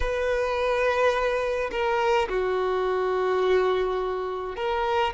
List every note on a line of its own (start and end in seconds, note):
0.00 1.70 B4
1.71 2.28 A#4
2.29 4.56 F#4
4.56 5.13 A#4